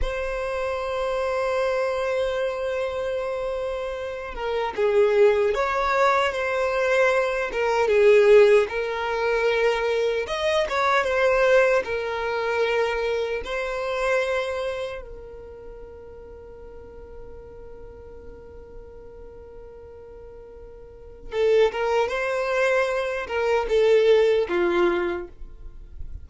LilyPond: \new Staff \with { instrumentName = "violin" } { \time 4/4 \tempo 4 = 76 c''1~ | c''4. ais'8 gis'4 cis''4 | c''4. ais'8 gis'4 ais'4~ | ais'4 dis''8 cis''8 c''4 ais'4~ |
ais'4 c''2 ais'4~ | ais'1~ | ais'2. a'8 ais'8 | c''4. ais'8 a'4 f'4 | }